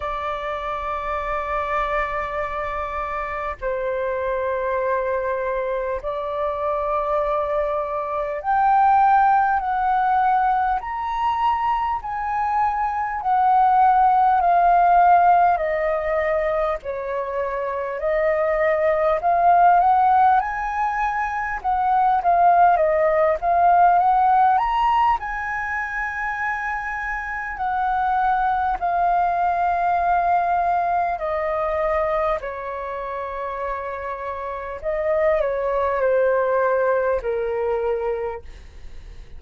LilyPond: \new Staff \with { instrumentName = "flute" } { \time 4/4 \tempo 4 = 50 d''2. c''4~ | c''4 d''2 g''4 | fis''4 ais''4 gis''4 fis''4 | f''4 dis''4 cis''4 dis''4 |
f''8 fis''8 gis''4 fis''8 f''8 dis''8 f''8 | fis''8 ais''8 gis''2 fis''4 | f''2 dis''4 cis''4~ | cis''4 dis''8 cis''8 c''4 ais'4 | }